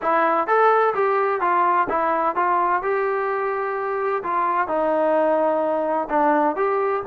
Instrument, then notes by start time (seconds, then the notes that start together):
trombone
0.01 E4
0.47 A4
0.94 G4
1.40 F4
1.89 E4
2.35 F4
2.82 G4
4.23 F4
4.67 D#4
6.09 D4
6.56 G4